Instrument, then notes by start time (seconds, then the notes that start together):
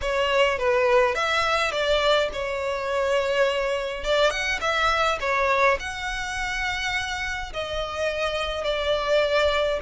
violin
0.01 C#5
0.58 B4
1.14 E5
1.71 D5
2.33 C#5
4.04 D5
4.30 F#5
4.60 E5
5.20 C#5
5.79 F#5
7.53 D#5
8.64 D5